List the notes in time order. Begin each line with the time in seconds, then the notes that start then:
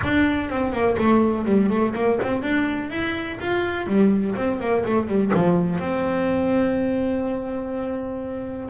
0.03 D4
0.49 C4
0.72 A#3
0.97 A3
1.45 G3
1.69 A3
1.95 A#3
2.22 C4
2.42 D4
2.90 E4
3.40 F4
3.86 G3
4.35 C4
4.59 A#3
4.85 A3
5.07 G3
5.34 F3
5.79 C4